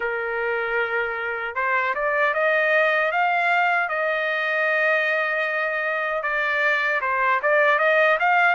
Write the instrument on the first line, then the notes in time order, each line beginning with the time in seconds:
trumpet
0.00 A#4
1.55 C5
1.94 D5
2.34 D#5
3.11 F5
3.89 D#5
6.23 D5
7.01 C5
7.42 D5
7.79 D#5
8.19 F5